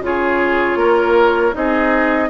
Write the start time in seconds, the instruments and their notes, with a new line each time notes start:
0.00 bassoon C#3, clarinet F4, oboe G#4, flute C#5
0.76 bassoon A#3, oboe A#4
1.53 bassoon C4, clarinet D#4, oboe G#4, flute D#5